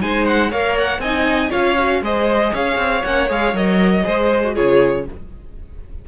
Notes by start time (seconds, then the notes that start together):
0.00 G#3 D#4 C5 G#5
0.26 F#5
0.50 A#3 A#4 C#5 F5
0.78 F#5
0.99 C4 D#4 D#5 G#5
1.50 C#4 F4 C#5 F5
1.78 F#4
2.01 G#3 G#4 C5 D#5
2.53 C#4 C#5 F5
2.77 C4
3.04 A#3 C#4 F#5
3.28 G#3 G#4 F5
3.53 F#3 A#4 D#5
4.03 G#3 G#4 C5
4.44 F#4
4.54 C#3 F4 G#4 C#5